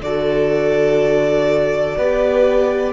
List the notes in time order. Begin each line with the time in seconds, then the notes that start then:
0.00 D3 F#4 A4 D5
1.97 B3 G4 B4